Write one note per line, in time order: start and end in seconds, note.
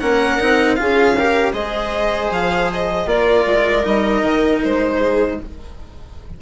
0.00 0.40 A#3
0.00 0.40 C#4
0.00 0.79 A#4
0.00 0.75 F#5
0.40 0.80 C4
0.40 0.77 D#4
0.75 1.53 C#4
0.75 1.15 F4
0.75 1.17 G#4
0.75 1.52 F5
1.17 1.53 G4
1.17 1.53 A#4
1.53 2.30 G#3
1.53 3.07 G#4
1.53 3.07 C5
1.53 2.30 D#5
2.31 3.06 F3
2.31 2.71 F5
2.74 3.09 D#5
3.06 3.44 A#3
3.06 3.83 F4
3.06 4.96 A#4
3.06 3.85 D5
3.46 3.84 G#3
3.83 4.22 G3
3.83 5.37 D#4
3.83 4.62 D#5
4.22 4.60 D#3
4.64 5.42 G#3
4.64 5.41 C5
4.96 5.35 G#4